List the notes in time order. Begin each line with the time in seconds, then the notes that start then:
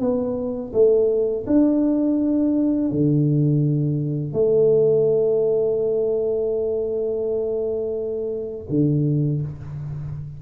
0.00 B3
0.73 A3
1.47 D4
2.91 D3
4.33 A3
8.70 D3